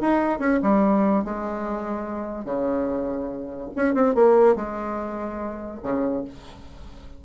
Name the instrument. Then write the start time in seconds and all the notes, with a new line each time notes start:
bassoon
0.00 D#4
0.39 C#4
0.62 G3
1.24 G#3
2.45 C#3
3.76 C#4
3.94 C4
4.14 A#3
4.55 G#3
5.83 C#3